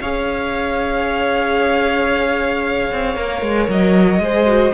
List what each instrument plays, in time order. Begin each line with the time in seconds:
0.00 cello C#4, viola G#4, violin C#5 F5
2.92 cello C4
3.15 cello A#3, viola A#4
3.42 cello G#3
3.68 cello F#3, violin D#5
4.19 cello G#3, viola G#4, violin C5
4.47 viola F#4